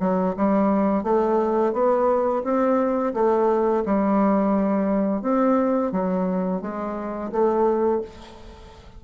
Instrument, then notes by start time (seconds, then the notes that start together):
bassoon
0.00 F#3
0.36 G3
1.03 A3
1.73 B3
2.44 C4
3.14 A3
3.85 G3
5.22 C4
5.92 F#3
6.62 G#3
7.32 A3